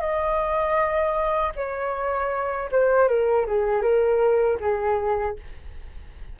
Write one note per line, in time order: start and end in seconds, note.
0.00 1.52 D#5
1.56 2.70 C#5
2.71 3.08 C5
3.08 3.46 A#4
3.46 3.81 G#4
3.81 4.57 A#4
4.60 5.36 G#4